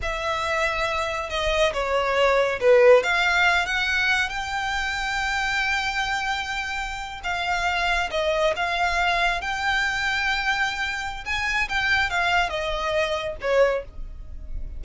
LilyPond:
\new Staff \with { instrumentName = "violin" } { \time 4/4 \tempo 4 = 139 e''2. dis''4 | cis''2 b'4 f''4~ | f''8 fis''4. g''2~ | g''1~ |
g''8. f''2 dis''4 f''16~ | f''4.~ f''16 g''2~ g''16~ | g''2 gis''4 g''4 | f''4 dis''2 cis''4 | }